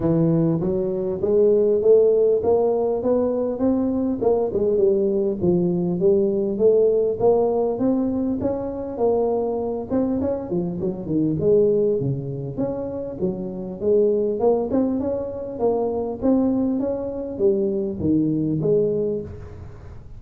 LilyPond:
\new Staff \with { instrumentName = "tuba" } { \time 4/4 \tempo 4 = 100 e4 fis4 gis4 a4 | ais4 b4 c'4 ais8 gis8 | g4 f4 g4 a4 | ais4 c'4 cis'4 ais4~ |
ais8 c'8 cis'8 f8 fis8 dis8 gis4 | cis4 cis'4 fis4 gis4 | ais8 c'8 cis'4 ais4 c'4 | cis'4 g4 dis4 gis4 | }